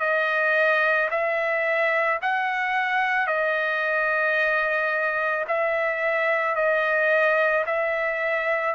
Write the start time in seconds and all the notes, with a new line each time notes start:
0.00 D#5
1.11 E5
2.22 F#5
3.27 D#5
5.48 E5
6.56 D#5
7.66 E5